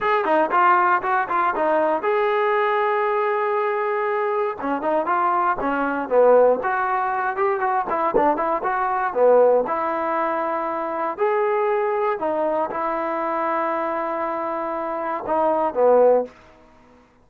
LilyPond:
\new Staff \with { instrumentName = "trombone" } { \time 4/4 \tempo 4 = 118 gis'8 dis'8 f'4 fis'8 f'8 dis'4 | gis'1~ | gis'4 cis'8 dis'8 f'4 cis'4 | b4 fis'4. g'8 fis'8 e'8 |
d'8 e'8 fis'4 b4 e'4~ | e'2 gis'2 | dis'4 e'2.~ | e'2 dis'4 b4 | }